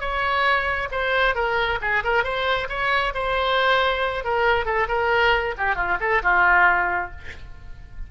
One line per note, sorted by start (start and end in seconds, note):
0.00 0.88 C#5
0.91 1.35 C5
1.35 1.79 A#4
1.81 2.03 G#4
2.04 2.24 A#4
2.24 2.68 C5
2.69 3.13 C#5
3.14 4.24 C5
4.24 4.65 A#4
4.65 4.87 A4
4.88 5.54 A#4
5.58 5.75 G4
5.75 5.97 F4
6.00 6.22 A4
6.22 7.11 F4